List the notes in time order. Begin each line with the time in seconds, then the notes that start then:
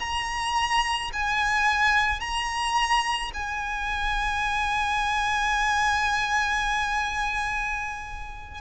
0.00 A#5
1.13 G#5
2.21 A#5
3.34 G#5